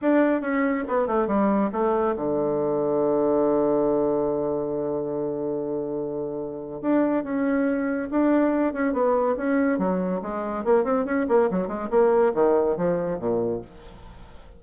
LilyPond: \new Staff \with { instrumentName = "bassoon" } { \time 4/4 \tempo 4 = 141 d'4 cis'4 b8 a8 g4 | a4 d2.~ | d1~ | d1 |
d'4 cis'2 d'4~ | d'8 cis'8 b4 cis'4 fis4 | gis4 ais8 c'8 cis'8 ais8 fis8 gis8 | ais4 dis4 f4 ais,4 | }